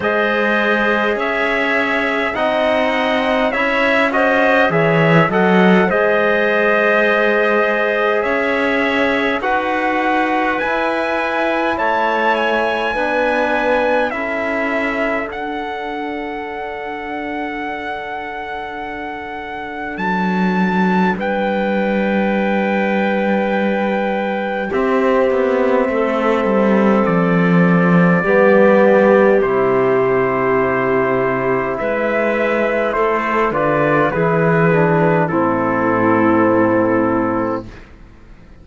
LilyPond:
<<
  \new Staff \with { instrumentName = "trumpet" } { \time 4/4 \tempo 4 = 51 dis''4 e''4 fis''4 e''8 dis''8 | e''8 fis''8 dis''2 e''4 | fis''4 gis''4 a''8 gis''4. | e''4 fis''2.~ |
fis''4 a''4 g''2~ | g''4 e''2 d''4~ | d''4 c''2 e''4 | c''8 d''8 b'4 a'2 | }
  \new Staff \with { instrumentName = "clarinet" } { \time 4/4 c''4 cis''4 dis''4 cis''8 c''8 | cis''8 dis''8 c''2 cis''4 | b'2 cis''4 b'4 | a'1~ |
a'2 b'2~ | b'4 g'4 a'2 | g'2. b'4 | a'8 b'8 gis'4 e'2 | }
  \new Staff \with { instrumentName = "trombone" } { \time 4/4 gis'2 dis'4 e'8 fis'8 | gis'8 a'8 gis'2. | fis'4 e'2 d'4 | e'4 d'2.~ |
d'1~ | d'4 c'2. | b4 e'2.~ | e'8 f'8 e'8 d'8 c'2 | }
  \new Staff \with { instrumentName = "cello" } { \time 4/4 gis4 cis'4 c'4 cis'4 | e8 fis8 gis2 cis'4 | dis'4 e'4 a4 b4 | cis'4 d'2.~ |
d'4 fis4 g2~ | g4 c'8 b8 a8 g8 f4 | g4 c2 gis4 | a8 d8 e4 a,2 | }
>>